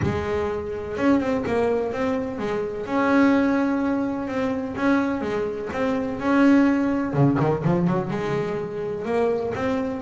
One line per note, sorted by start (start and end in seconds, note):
0.02 0.97 G#3
0.97 1.20 C#4
1.20 1.44 C4
1.46 1.92 A#3
1.92 2.38 C4
2.38 2.86 G#3
2.86 4.27 C#4
4.27 4.75 C4
4.76 5.21 C#4
5.21 5.68 G#3
5.72 6.19 C4
6.19 7.13 C#4
7.13 7.37 C#3
7.40 7.63 D#3
7.64 7.87 F3
7.87 8.10 F#3
8.10 9.05 G#3
9.05 9.52 A#3
9.54 10.02 C4